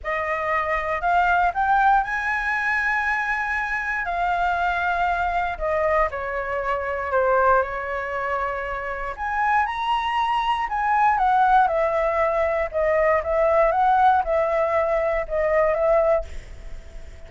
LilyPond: \new Staff \with { instrumentName = "flute" } { \time 4/4 \tempo 4 = 118 dis''2 f''4 g''4 | gis''1 | f''2. dis''4 | cis''2 c''4 cis''4~ |
cis''2 gis''4 ais''4~ | ais''4 gis''4 fis''4 e''4~ | e''4 dis''4 e''4 fis''4 | e''2 dis''4 e''4 | }